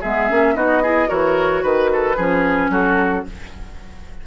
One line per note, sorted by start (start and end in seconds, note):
0.00 0.30 G#3
0.00 0.29 B3
0.00 0.54 G#4
0.00 0.56 E5
0.29 0.55 A#3
0.29 0.55 C#4
0.55 1.09 B3
0.55 0.82 D#4
0.55 0.82 F#4
0.55 1.09 D#5
0.82 1.07 E4
0.82 1.08 G#4
1.07 1.63 E3
1.07 2.15 F#4
1.07 1.62 A#4
1.07 1.62 C#5
1.62 2.17 D#3
1.62 2.70 B4
1.62 1.89 B4
1.93 2.16 A4
2.16 2.69 F3
2.16 3.26 C#4
2.16 2.70 G#4
2.69 3.23 F#3
2.69 3.25 F#4
2.69 3.26 A4